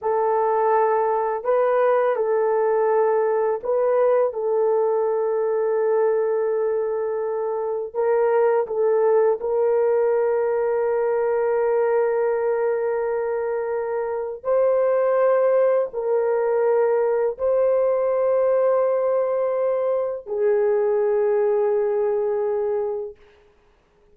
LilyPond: \new Staff \with { instrumentName = "horn" } { \time 4/4 \tempo 4 = 83 a'2 b'4 a'4~ | a'4 b'4 a'2~ | a'2. ais'4 | a'4 ais'2.~ |
ais'1 | c''2 ais'2 | c''1 | gis'1 | }